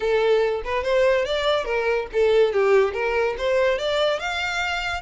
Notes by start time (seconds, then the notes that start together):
0.00 A4
0.64 B4
0.83 C5
1.25 D5
1.65 A#4
2.12 A4
2.52 G4
2.93 A#4
3.38 C5
3.78 D5
4.19 F5